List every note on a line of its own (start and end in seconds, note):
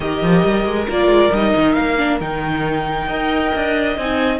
0.00 0.22 D#3
0.00 0.87 G4
0.00 3.07 A#4
0.00 0.86 D#5
0.22 0.44 F3
0.44 0.65 G3
0.65 0.87 G#3
0.88 1.07 A#3
0.88 1.33 F4
0.88 1.34 D5
1.07 1.29 G#3
1.31 1.53 G3
1.31 1.98 D#4
1.31 1.72 D#5
1.55 1.77 D#3
1.72 2.20 A#3
1.72 2.16 F5
1.98 2.20 D4
2.20 3.08 D#3
2.20 3.09 D#4
2.20 3.97 G5
3.07 3.52 D#4
3.07 3.97 A#4
3.07 4.39 D#5
3.55 3.97 D4
3.97 4.39 C4
3.97 4.39 D#4
3.97 4.39 G#5